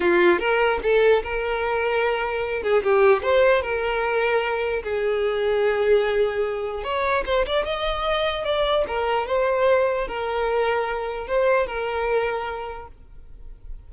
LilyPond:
\new Staff \with { instrumentName = "violin" } { \time 4/4 \tempo 4 = 149 f'4 ais'4 a'4 ais'4~ | ais'2~ ais'8 gis'8 g'4 | c''4 ais'2. | gis'1~ |
gis'4 cis''4 c''8 d''8 dis''4~ | dis''4 d''4 ais'4 c''4~ | c''4 ais'2. | c''4 ais'2. | }